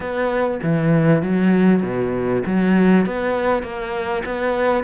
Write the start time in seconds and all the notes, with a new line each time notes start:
0.00 B3
0.62 E3
1.22 F#3
1.82 B2
2.45 F#3
3.06 B3
3.62 A#3
4.25 B3